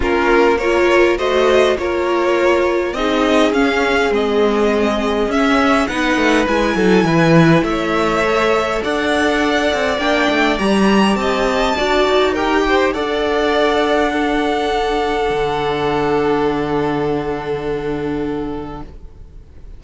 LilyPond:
<<
  \new Staff \with { instrumentName = "violin" } { \time 4/4 \tempo 4 = 102 ais'4 cis''4 dis''4 cis''4~ | cis''4 dis''4 f''4 dis''4~ | dis''4 e''4 fis''4 gis''4~ | gis''4 e''2 fis''4~ |
fis''4 g''4 ais''4 a''4~ | a''4 g''4 fis''2~ | fis''1~ | fis''1 | }
  \new Staff \with { instrumentName = "violin" } { \time 4/4 f'4 ais'4 c''4 ais'4~ | ais'4 gis'2.~ | gis'2 b'4. a'8 | b'4 cis''2 d''4~ |
d''2. dis''4 | d''4 ais'8 c''8 d''2 | a'1~ | a'1 | }
  \new Staff \with { instrumentName = "viola" } { \time 4/4 cis'4 f'4 fis'4 f'4~ | f'4 dis'4 cis'4 c'4~ | c'4 cis'4 dis'4 e'4~ | e'2 a'2~ |
a'4 d'4 g'2 | fis'4 g'4 a'2 | d'1~ | d'1 | }
  \new Staff \with { instrumentName = "cello" } { \time 4/4 ais2 a4 ais4~ | ais4 c'4 cis'4 gis4~ | gis4 cis'4 b8 a8 gis8 fis8 | e4 a2 d'4~ |
d'8 c'8 ais8 a8 g4 c'4 | d'8 dis'4. d'2~ | d'2 d2~ | d1 | }
>>